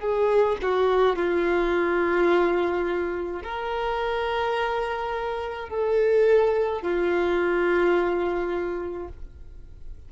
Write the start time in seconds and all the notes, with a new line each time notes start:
0.00 G#4
0.63 F#4
1.16 F4
3.44 A#4
5.69 A4
6.82 F4